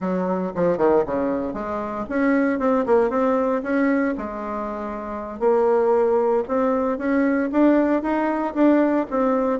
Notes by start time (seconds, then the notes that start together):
0.00 F#3
0.55 F3
0.77 D#3
1.06 C#3
1.53 G#3
2.09 C#4
2.59 C4
2.86 A#3
3.10 C4
3.62 C#4
4.17 G#3
5.39 A#3
6.47 C4
6.98 C#4
7.51 D4
8.02 D#4
8.54 D4
9.10 C4